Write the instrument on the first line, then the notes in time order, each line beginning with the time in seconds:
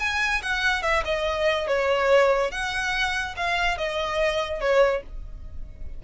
violin
0.00 G#5
0.43 F#5
0.83 E5
1.05 D#5
1.68 C#5
2.52 F#5
3.37 F5
3.78 D#5
4.61 C#5